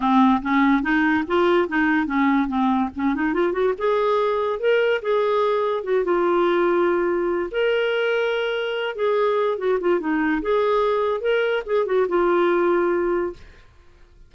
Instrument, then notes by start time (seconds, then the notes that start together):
clarinet
0.00 C4
0.41 C#4
0.82 D#4
1.27 F4
1.68 D#4
2.06 C#4
2.48 C4
2.95 C#4
3.14 D#4
3.33 F4
3.52 F#4
3.77 G#4
4.59 A#4
5.02 G#4
5.83 F#4
6.04 F4
7.51 A#4
8.95 G#4
9.57 F#4
9.80 F4
10.00 D#4
10.41 G#4
11.21 A#4
11.66 G#4
11.86 F#4
12.08 F4